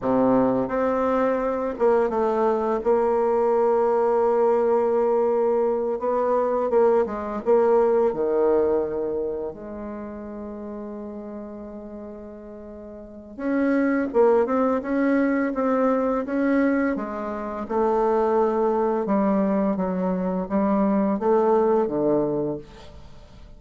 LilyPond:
\new Staff \with { instrumentName = "bassoon" } { \time 4/4 \tempo 4 = 85 c4 c'4. ais8 a4 | ais1~ | ais8 b4 ais8 gis8 ais4 dis8~ | dis4. gis2~ gis8~ |
gis2. cis'4 | ais8 c'8 cis'4 c'4 cis'4 | gis4 a2 g4 | fis4 g4 a4 d4 | }